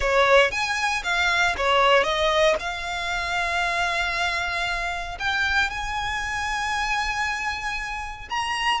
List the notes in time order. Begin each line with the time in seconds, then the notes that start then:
0.00 C#5
0.51 G#5
1.03 F5
1.57 C#5
2.03 D#5
2.59 F5
5.19 G5
5.70 G#5
8.29 A#5